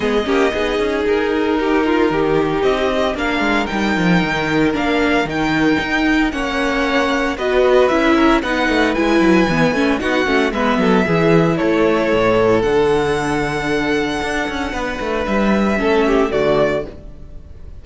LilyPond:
<<
  \new Staff \with { instrumentName = "violin" } { \time 4/4 \tempo 4 = 114 dis''2 ais'2~ | ais'4 dis''4 f''4 g''4~ | g''4 f''4 g''2 | fis''2 dis''4 e''4 |
fis''4 gis''2 fis''4 | e''2 cis''2 | fis''1~ | fis''4 e''2 d''4 | }
  \new Staff \with { instrumentName = "violin" } { \time 4/4 gis'8 g'8 gis'2 g'8 f'8 | g'2 ais'2~ | ais'1 | cis''2 b'4. ais'8 |
b'2. fis'4 | b'8 a'8 gis'4 a'2~ | a'1 | b'2 a'8 g'8 fis'4 | }
  \new Staff \with { instrumentName = "viola" } { \time 4/4 b8 cis'8 dis'2.~ | dis'2 d'4 dis'4~ | dis'4 d'4 dis'2 | cis'2 fis'4 e'4 |
dis'4 e'4 b8 cis'8 dis'8 cis'8 | b4 e'2. | d'1~ | d'2 cis'4 a4 | }
  \new Staff \with { instrumentName = "cello" } { \time 4/4 gis8 ais8 b8 cis'8 dis'2 | dis4 c'4 ais8 gis8 g8 f8 | dis4 ais4 dis4 dis'4 | ais2 b4 cis'4 |
b8 a8 gis8 fis8 e8 a8 b8 a8 | gis8 fis8 e4 a4 a,4 | d2. d'8 cis'8 | b8 a8 g4 a4 d4 | }
>>